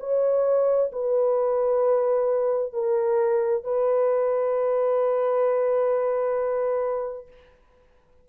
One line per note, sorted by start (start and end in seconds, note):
0.00 0.91 C#5
0.92 2.73 B4
2.73 3.64 A#4
3.64 7.27 B4